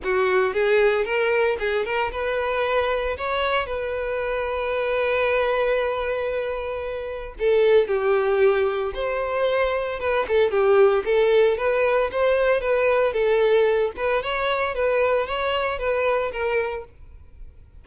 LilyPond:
\new Staff \with { instrumentName = "violin" } { \time 4/4 \tempo 4 = 114 fis'4 gis'4 ais'4 gis'8 ais'8 | b'2 cis''4 b'4~ | b'1~ | b'2 a'4 g'4~ |
g'4 c''2 b'8 a'8 | g'4 a'4 b'4 c''4 | b'4 a'4. b'8 cis''4 | b'4 cis''4 b'4 ais'4 | }